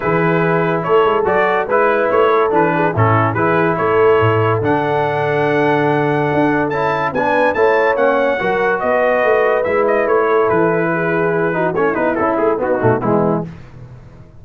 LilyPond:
<<
  \new Staff \with { instrumentName = "trumpet" } { \time 4/4 \tempo 4 = 143 b'2 cis''4 d''4 | b'4 cis''4 b'4 a'4 | b'4 cis''2 fis''4~ | fis''1 |
a''4 gis''4 a''4 fis''4~ | fis''4 dis''2 e''8 dis''8 | cis''4 b'2. | cis''8 b'8 a'8 gis'8 fis'4 e'4 | }
  \new Staff \with { instrumentName = "horn" } { \time 4/4 gis'2 a'2 | b'4. a'4 gis'8 e'4 | gis'4 a'2.~ | a'1~ |
a'4 b'4 cis''2 | ais'4 b'2.~ | b'8 a'4. gis'4. fis'8 | e'2 dis'4 b4 | }
  \new Staff \with { instrumentName = "trombone" } { \time 4/4 e'2. fis'4 | e'2 d'4 cis'4 | e'2. d'4~ | d'1 |
e'4 d'4 e'4 cis'4 | fis'2. e'4~ | e'2.~ e'8 dis'8 | cis'8 dis'8 e'4 b8 a8 gis4 | }
  \new Staff \with { instrumentName = "tuba" } { \time 4/4 e2 a8 gis8 fis4 | gis4 a4 e4 a,4 | e4 a4 a,4 d4~ | d2. d'4 |
cis'4 b4 a4 ais4 | fis4 b4 a4 gis4 | a4 e2. | a8 b8 cis'8 a8 b8 b,8 e4 | }
>>